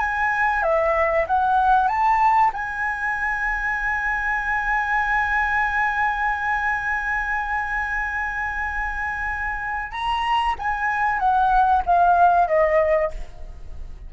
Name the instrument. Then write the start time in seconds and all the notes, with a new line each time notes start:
flute
0.00 G#5
0.63 E5
1.28 F#5
1.89 A5
2.53 G#5
9.92 A#5
10.59 G#5
11.20 F#5
11.87 F5
12.48 D#5